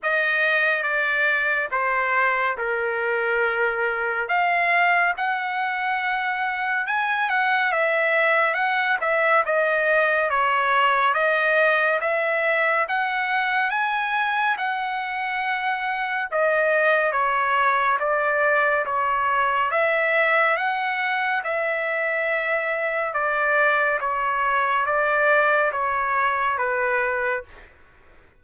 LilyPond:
\new Staff \with { instrumentName = "trumpet" } { \time 4/4 \tempo 4 = 70 dis''4 d''4 c''4 ais'4~ | ais'4 f''4 fis''2 | gis''8 fis''8 e''4 fis''8 e''8 dis''4 | cis''4 dis''4 e''4 fis''4 |
gis''4 fis''2 dis''4 | cis''4 d''4 cis''4 e''4 | fis''4 e''2 d''4 | cis''4 d''4 cis''4 b'4 | }